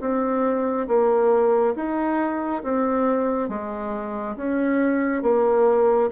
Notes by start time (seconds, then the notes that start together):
0.00 C4
0.87 A#3
1.75 D#4
2.63 C4
3.49 G#3
4.36 C#4
5.22 A#3